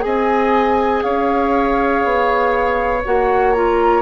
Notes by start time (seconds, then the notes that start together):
0.00 C4 G#4 D#5 G#5
1.03 C#4 C#5 F5
2.04 B3
3.05 A#3 F#4 F#5
3.53 F4 A#5